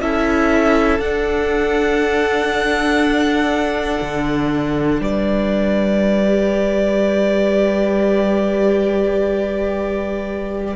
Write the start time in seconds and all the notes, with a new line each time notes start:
0.00 C#4 E4 A4 E5
0.99 D4 F#5
4.01 D3
5.00 G3 B4 D5
6.25 G4